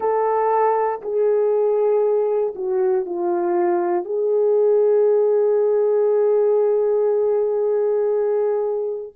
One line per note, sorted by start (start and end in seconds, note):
0.00 1.01 A4
1.01 2.54 G#4
2.55 3.05 F#4
3.05 4.04 F4
4.04 9.13 G#4